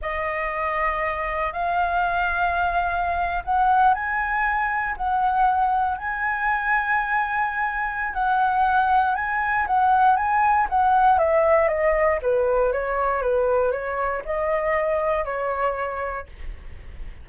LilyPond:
\new Staff \with { instrumentName = "flute" } { \time 4/4 \tempo 4 = 118 dis''2. f''4~ | f''2~ f''8. fis''4 gis''16~ | gis''4.~ gis''16 fis''2 gis''16~ | gis''1 |
fis''2 gis''4 fis''4 | gis''4 fis''4 e''4 dis''4 | b'4 cis''4 b'4 cis''4 | dis''2 cis''2 | }